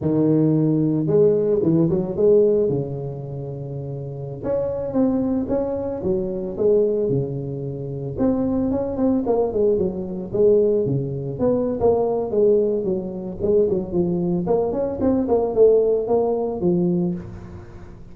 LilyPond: \new Staff \with { instrumentName = "tuba" } { \time 4/4 \tempo 4 = 112 dis2 gis4 e8 fis8 | gis4 cis2.~ | cis16 cis'4 c'4 cis'4 fis8.~ | fis16 gis4 cis2 c'8.~ |
c'16 cis'8 c'8 ais8 gis8 fis4 gis8.~ | gis16 cis4 b8. ais4 gis4 | fis4 gis8 fis8 f4 ais8 cis'8 | c'8 ais8 a4 ais4 f4 | }